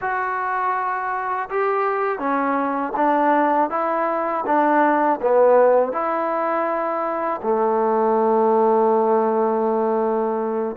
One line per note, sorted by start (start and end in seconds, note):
0.01 1.49 F#4
1.49 2.19 G4
2.19 2.93 C#4
2.96 3.70 D4
3.70 4.44 E4
4.45 5.20 D4
5.21 5.92 B3
5.92 7.40 E4
7.42 10.76 A3